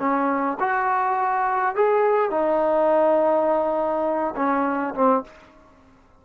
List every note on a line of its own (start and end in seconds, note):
0.00 0.58 C#4
0.60 1.76 F#4
1.76 2.31 G#4
2.31 4.35 D#4
4.36 4.95 C#4
4.95 5.24 C4